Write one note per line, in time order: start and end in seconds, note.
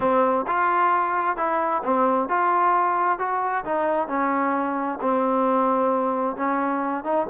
0.00 0.45 C4
0.47 1.36 F4
1.36 1.82 E4
1.83 2.28 C4
2.28 3.18 F4
3.18 3.64 F#4
3.64 4.08 D#4
4.08 4.99 C#4
5.01 6.36 C4
6.36 7.03 C#4
7.03 7.26 D#4